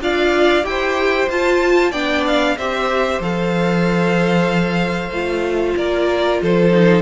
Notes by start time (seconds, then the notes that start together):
0.00 D4 F4 D5 F5
0.63 E4 G4 G5
0.69 C5
1.29 F4 A5
1.91 B3 D4 D5 G5
2.27 F5
2.58 C4 G4 C5 E5
3.20 F3 A4 F5
5.10 A3 F4
5.77 A#3 A#4 D5
6.42 F3 A4 C5
6.71 D#4